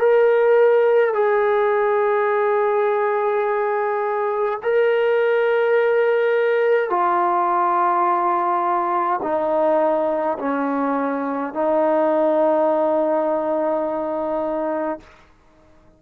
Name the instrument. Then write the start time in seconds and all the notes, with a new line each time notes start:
trombone
0.00 A#4
1.14 G#4
4.63 A#4
6.90 F4
9.23 D#4
10.38 C#4
11.54 D#4